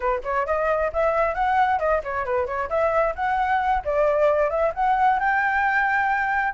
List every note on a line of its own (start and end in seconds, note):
0.00 0.22 B4
0.23 0.46 C#5
0.46 0.91 D#5
0.92 1.34 E5
1.34 1.79 F#5
1.79 2.01 D#5
2.03 2.25 C#5
2.25 2.46 B4
2.46 2.69 C#5
2.69 3.14 E5
3.15 3.82 F#5
3.84 4.50 D5
4.50 4.72 E5
4.74 5.19 F#5
5.19 6.54 G5